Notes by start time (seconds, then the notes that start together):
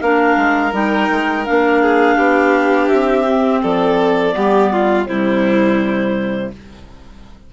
0.00 A#3 D4 A#4 F5
0.36 G#3
0.71 G3 D#4 G5
1.10 G#3
1.45 A#3 D4 F5
1.81 G#4
2.16 B3 G4
2.87 C4 E5
3.26 C4
3.62 F3 A4 D5
4.32 G3 B3 G4
4.72 F4
5.06 C3 G3 E4 C5